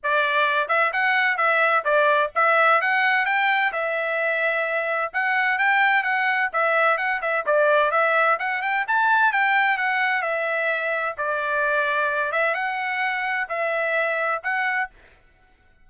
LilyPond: \new Staff \with { instrumentName = "trumpet" } { \time 4/4 \tempo 4 = 129 d''4. e''8 fis''4 e''4 | d''4 e''4 fis''4 g''4 | e''2. fis''4 | g''4 fis''4 e''4 fis''8 e''8 |
d''4 e''4 fis''8 g''8 a''4 | g''4 fis''4 e''2 | d''2~ d''8 e''8 fis''4~ | fis''4 e''2 fis''4 | }